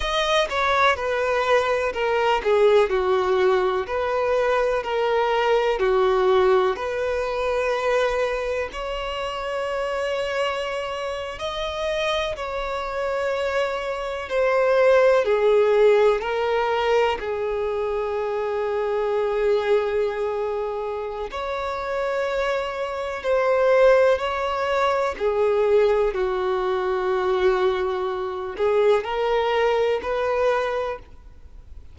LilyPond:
\new Staff \with { instrumentName = "violin" } { \time 4/4 \tempo 4 = 62 dis''8 cis''8 b'4 ais'8 gis'8 fis'4 | b'4 ais'4 fis'4 b'4~ | b'4 cis''2~ cis''8. dis''16~ | dis''8. cis''2 c''4 gis'16~ |
gis'8. ais'4 gis'2~ gis'16~ | gis'2 cis''2 | c''4 cis''4 gis'4 fis'4~ | fis'4. gis'8 ais'4 b'4 | }